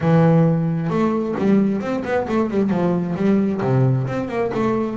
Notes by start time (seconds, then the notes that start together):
0.00 E3
0.90 A3
1.38 G3
1.80 C4
2.04 B3
2.28 A3
2.50 G3
2.69 F3
3.16 G3
3.61 C3
4.07 C4
4.28 A#3
4.54 A3